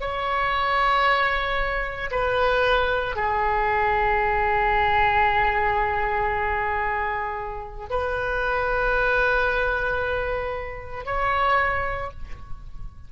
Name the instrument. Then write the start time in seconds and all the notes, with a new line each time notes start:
oboe
0.00 C#5
2.11 B4
3.15 G#4
7.89 B4
11.05 C#5